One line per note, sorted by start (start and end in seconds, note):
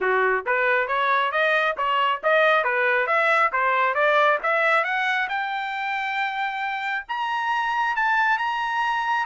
0.01 0.45 F#4
0.46 0.87 B4
0.87 1.31 C#5
1.31 1.75 D#5
1.77 2.21 C#5
2.23 2.64 D#5
2.64 3.06 B4
3.06 3.51 E5
3.52 3.94 C5
3.94 4.38 D5
4.42 4.83 E5
4.83 5.28 F#5
5.28 7.05 G5
7.08 7.96 A#5
7.96 8.38 A5
8.38 9.25 A#5